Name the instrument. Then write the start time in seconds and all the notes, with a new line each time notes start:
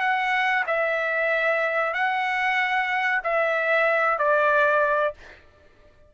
trumpet
0.00 F#5
0.66 E5
1.93 F#5
3.24 E5
4.18 D5